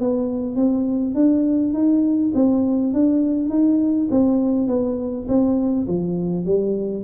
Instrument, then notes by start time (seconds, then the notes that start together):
tuba
0.00 B3
0.55 C4
1.14 D4
1.73 D#4
2.34 C4
2.93 D4
3.49 D#4
4.10 C4
4.67 B3
5.28 C4
5.87 F3
6.45 G3